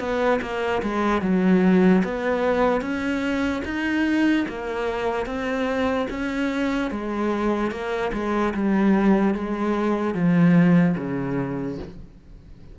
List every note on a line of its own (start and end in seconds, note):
0.00 0.41 B3
0.42 0.83 A#3
0.83 1.22 G#3
1.22 2.03 F#3
2.05 2.82 B3
2.82 3.63 C#4
3.65 4.46 D#4
4.49 5.27 A#3
5.27 6.08 C4
6.10 6.91 C#4
6.91 7.72 G#3
7.72 8.12 A#3
8.13 8.54 G#3
8.55 9.35 G3
9.35 10.15 G#3
10.15 10.96 F3
10.98 11.79 C#3